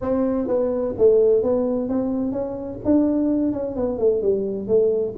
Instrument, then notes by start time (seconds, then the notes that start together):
tuba
0.01 C4
0.47 B3
0.97 A3
1.43 B3
1.89 C4
2.31 C#4
2.84 D4
3.52 C#4
3.76 B3
3.98 A3
4.22 G3
4.67 A3